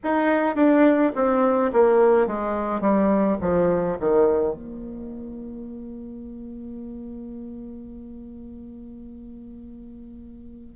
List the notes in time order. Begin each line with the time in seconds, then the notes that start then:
0.03 D#4
0.55 D4
1.15 C4
1.72 A#3
2.26 G#3
2.80 G3
3.41 F3
3.99 D#3
4.54 A#3